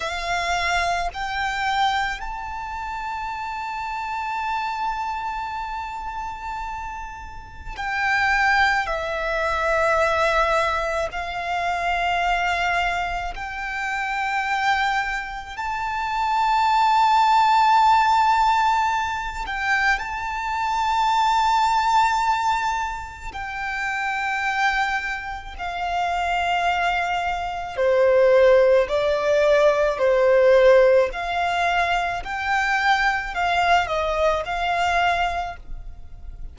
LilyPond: \new Staff \with { instrumentName = "violin" } { \time 4/4 \tempo 4 = 54 f''4 g''4 a''2~ | a''2. g''4 | e''2 f''2 | g''2 a''2~ |
a''4. g''8 a''2~ | a''4 g''2 f''4~ | f''4 c''4 d''4 c''4 | f''4 g''4 f''8 dis''8 f''4 | }